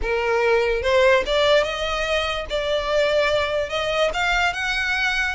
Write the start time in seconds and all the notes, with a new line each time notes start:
0.01 A#4
0.82 C5
1.26 D5
1.63 D#5
2.49 D5
3.69 D#5
4.13 F5
4.53 F#5